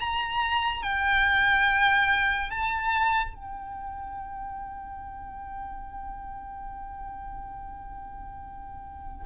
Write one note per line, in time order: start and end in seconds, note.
0.00 0.83 A#5
0.83 2.50 G5
2.50 3.35 A5
3.35 9.26 G5